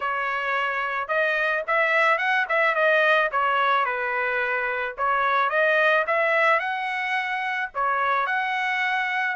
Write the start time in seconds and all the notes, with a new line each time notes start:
0.00 C#5
1.08 D#5
1.67 E5
2.17 F#5
2.48 E5
2.74 D#5
3.31 C#5
3.85 B4
4.97 C#5
5.49 D#5
6.07 E5
6.59 F#5
7.74 C#5
8.26 F#5